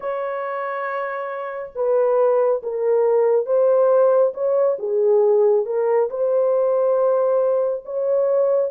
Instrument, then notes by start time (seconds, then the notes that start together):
horn
0.00 C#5
1.75 B4
2.62 A#4
3.45 C5
4.34 C#5
4.78 G#4
5.65 A#4
6.09 C5
7.85 C#5